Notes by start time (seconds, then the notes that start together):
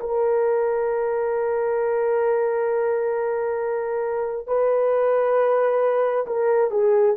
0.00 A#4
4.47 B4
6.26 A#4
6.70 G#4